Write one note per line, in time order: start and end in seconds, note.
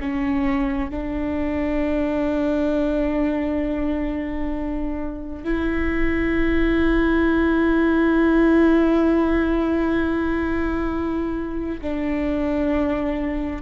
0.00 0.90 C#4
0.90 5.44 D4
5.44 11.81 E4
11.81 13.62 D4